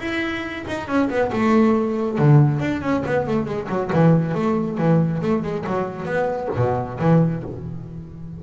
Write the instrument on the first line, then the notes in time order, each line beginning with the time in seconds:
double bass
0.00 E4
0.68 D#4
0.88 C#4
1.10 B3
1.33 A3
2.19 D3
2.60 D4
2.82 C#4
3.06 B3
3.28 A3
3.46 G#3
3.69 F#3
3.93 E3
4.35 A3
4.78 E3
5.23 A3
5.43 G#3
5.67 F#3
6.05 B3
6.56 B2
7.00 E3